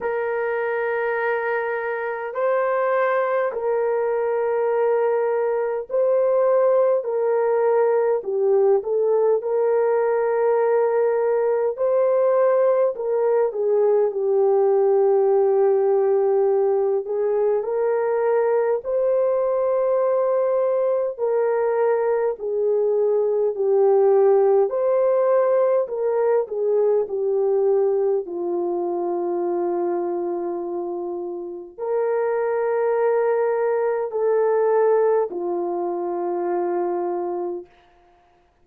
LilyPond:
\new Staff \with { instrumentName = "horn" } { \time 4/4 \tempo 4 = 51 ais'2 c''4 ais'4~ | ais'4 c''4 ais'4 g'8 a'8 | ais'2 c''4 ais'8 gis'8 | g'2~ g'8 gis'8 ais'4 |
c''2 ais'4 gis'4 | g'4 c''4 ais'8 gis'8 g'4 | f'2. ais'4~ | ais'4 a'4 f'2 | }